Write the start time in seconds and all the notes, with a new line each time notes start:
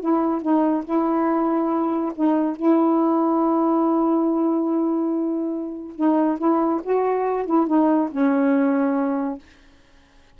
0.00 E4
0.41 D#4
0.85 E4
2.15 D#4
2.56 E4
5.96 D#4
6.38 E4
6.83 F#4
7.45 E4
7.67 D#4
8.11 C#4